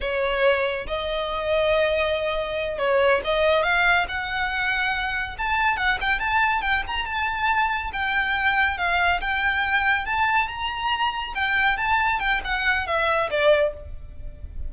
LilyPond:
\new Staff \with { instrumentName = "violin" } { \time 4/4 \tempo 4 = 140 cis''2 dis''2~ | dis''2~ dis''8 cis''4 dis''8~ | dis''8 f''4 fis''2~ fis''8~ | fis''8 a''4 fis''8 g''8 a''4 g''8 |
ais''8 a''2 g''4.~ | g''8 f''4 g''2 a''8~ | a''8 ais''2 g''4 a''8~ | a''8 g''8 fis''4 e''4 d''4 | }